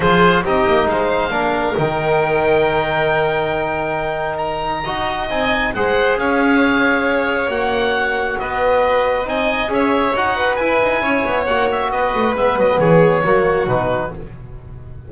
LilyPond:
<<
  \new Staff \with { instrumentName = "oboe" } { \time 4/4 \tempo 4 = 136 c''4 dis''4 f''2 | g''1~ | g''2 ais''2 | gis''4 fis''4 f''2~ |
f''4 fis''2 dis''4~ | dis''4 gis''4 e''4 fis''4 | gis''2 fis''8 e''8 dis''4 | e''8 dis''8 cis''2 b'4 | }
  \new Staff \with { instrumentName = "violin" } { \time 4/4 gis'4 g'4 c''4 ais'4~ | ais'1~ | ais'2. dis''4~ | dis''4 c''4 cis''2~ |
cis''2. b'4~ | b'4 dis''4 cis''4. b'8~ | b'4 cis''2 b'4~ | b'4 gis'4 fis'2 | }
  \new Staff \with { instrumentName = "trombone" } { \time 4/4 f'4 dis'2 d'4 | dis'1~ | dis'2. fis'4 | dis'4 gis'2.~ |
gis'4 fis'2.~ | fis'4 dis'4 gis'4 fis'4 | e'2 fis'2 | b2 ais4 dis'4 | }
  \new Staff \with { instrumentName = "double bass" } { \time 4/4 f4 c'8 ais8 gis4 ais4 | dis1~ | dis2. dis'4 | c'4 gis4 cis'2~ |
cis'4 ais2 b4~ | b4 c'4 cis'4 dis'4 | e'8 dis'8 cis'8 b8 ais4 b8 a8 | gis8 fis8 e4 fis4 b,4 | }
>>